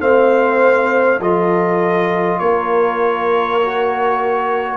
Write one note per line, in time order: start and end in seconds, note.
0.00 1.20 A3
0.00 1.20 C4
0.00 1.21 C5
0.00 1.21 F5
1.20 2.40 F3
1.20 3.62 F4
1.20 2.41 A4
1.20 2.39 D#5
2.39 4.77 A#3
2.39 4.77 A#4
2.39 4.77 C#5
3.62 4.77 F#4